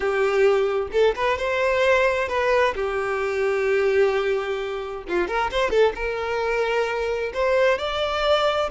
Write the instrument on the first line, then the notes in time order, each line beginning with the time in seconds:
violin
0.00 G4
0.92 A4
1.15 B4
1.38 C5
2.28 B4
2.75 G4
5.08 F4
5.27 A#4
5.51 C5
5.70 A4
5.95 A#4
7.33 C5
7.78 D5